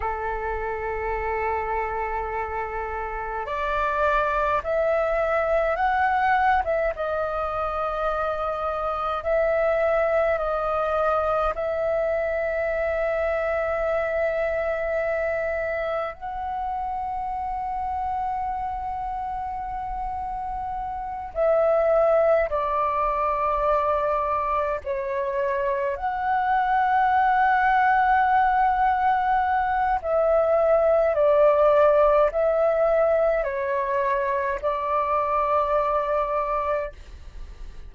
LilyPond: \new Staff \with { instrumentName = "flute" } { \time 4/4 \tempo 4 = 52 a'2. d''4 | e''4 fis''8. e''16 dis''2 | e''4 dis''4 e''2~ | e''2 fis''2~ |
fis''2~ fis''8 e''4 d''8~ | d''4. cis''4 fis''4.~ | fis''2 e''4 d''4 | e''4 cis''4 d''2 | }